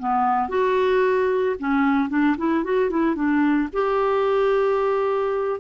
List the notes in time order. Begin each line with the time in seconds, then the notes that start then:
0.00 B3
0.49 F#4
1.60 C#4
2.09 D4
2.38 E4
2.64 F#4
2.90 E4
3.16 D4
3.73 G4